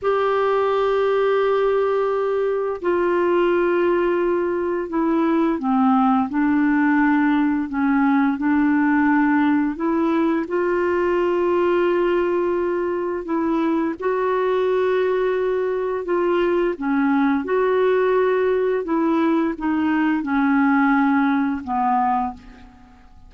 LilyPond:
\new Staff \with { instrumentName = "clarinet" } { \time 4/4 \tempo 4 = 86 g'1 | f'2. e'4 | c'4 d'2 cis'4 | d'2 e'4 f'4~ |
f'2. e'4 | fis'2. f'4 | cis'4 fis'2 e'4 | dis'4 cis'2 b4 | }